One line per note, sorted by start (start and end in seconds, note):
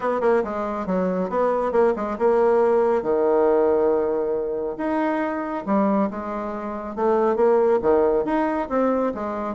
0.00 0.20 B3
0.21 0.42 A#3
0.43 0.86 G#3
0.86 1.29 F#3
1.29 1.72 B3
1.72 1.93 A#3
1.96 2.17 G#3
2.18 3.02 A#3
3.02 4.76 D#3
4.77 5.64 D#4
5.66 6.09 G3
6.10 6.95 G#3
6.95 7.36 A3
7.36 7.79 A#3
7.82 8.24 D#3
8.24 8.68 D#4
8.69 9.12 C4
9.14 9.55 G#3